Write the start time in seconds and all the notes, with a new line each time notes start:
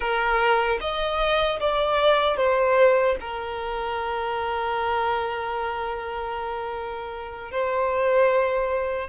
0.00 A#4
0.80 D#5
1.60 D5
2.36 C5
3.20 A#4
7.51 C5